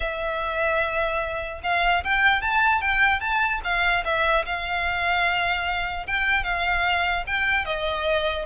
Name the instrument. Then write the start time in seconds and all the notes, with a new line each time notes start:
violin
0.00 E5
1.63 F5
2.04 G5
2.41 A5
2.81 G5
3.20 A5
3.64 F5
4.04 E5
4.45 F5
6.06 G5
6.43 F5
7.26 G5
7.65 D#5